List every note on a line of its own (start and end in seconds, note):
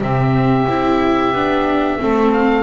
0.00 0.67 C3
0.00 0.67 C4
0.00 1.98 G4
0.00 2.32 E5
0.68 1.32 C4
0.68 1.34 E4
1.32 1.98 B3
1.32 1.98 D4
1.98 2.63 A3
1.98 2.63 C4
1.98 2.63 A4
2.32 2.63 F5